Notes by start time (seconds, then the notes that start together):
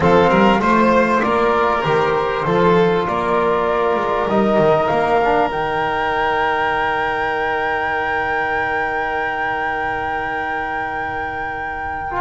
0.00 F3 C4 A4 F5
0.29 G3 A#4
0.59 A3 F4 C5
1.21 A#3 A#4 D5
1.81 D#3 G4 C5
2.45 F3 F4 A4
3.07 A#3 A#4 D5
3.95 G#3
4.28 G3 D#4 D#5
4.58 D#3
4.86 A#3 F5
5.23 D4
5.50 D#3 D#4 G5
12.10 F4